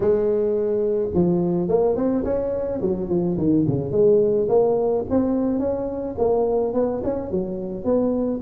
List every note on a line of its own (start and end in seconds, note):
0.00 1.09 G#3
1.14 1.68 F3
1.68 1.95 A#3
1.95 2.24 C4
2.24 2.80 C#4
2.81 3.09 F#3
3.09 3.37 F3
3.37 3.65 D#3
3.67 3.91 C#3
3.91 4.47 G#3
4.48 5.04 A#3
5.10 5.59 C4
5.59 6.15 C#4
6.17 6.73 A#3
6.73 7.01 B3
7.03 7.30 C#4
7.30 7.84 F#3
7.84 8.40 B3